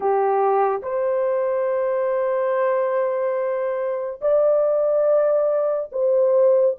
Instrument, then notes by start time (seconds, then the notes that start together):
horn
0.00 G4
0.82 C5
4.21 D5
5.92 C5